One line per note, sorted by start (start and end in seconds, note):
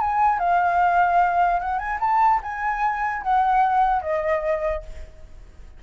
0.00 0.39 G#5
0.39 1.60 F5
1.60 1.79 F#5
1.79 1.99 G#5
2.00 2.40 A5
2.43 3.22 G#5
3.22 4.02 F#5
4.02 4.82 D#5